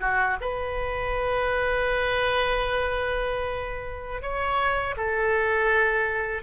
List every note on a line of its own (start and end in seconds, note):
0.00 0.37 F#4
0.41 4.22 B4
4.22 4.95 C#5
4.96 6.42 A4